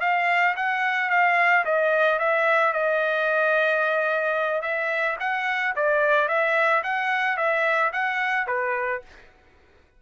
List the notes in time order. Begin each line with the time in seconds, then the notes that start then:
0.00 F5
0.56 F#5
1.10 F5
1.65 D#5
2.18 E5
2.72 D#5
4.61 E5
5.19 F#5
5.75 D5
6.28 E5
6.83 F#5
7.37 E5
7.92 F#5
8.47 B4